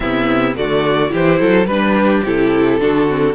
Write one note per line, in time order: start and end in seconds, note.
0.00 0.55 C3
0.00 0.55 B3
0.00 0.56 E4
0.00 0.55 E5
0.56 1.13 D3
0.56 1.09 A3
0.56 1.12 F#4
0.56 1.13 D5
1.09 1.40 E3
1.09 1.65 E4
1.09 1.39 G4
1.09 1.66 C5
1.39 1.65 F#3
1.39 1.66 A4
1.65 2.21 G3
1.65 2.25 D4
1.65 2.22 B4
1.65 1.94 B4
1.96 2.80 G4
2.24 2.79 C3
2.24 2.80 E4
2.24 3.34 A4
2.79 3.34 D3
2.79 3.08 D4
2.79 3.34 F#4
3.09 3.34 C4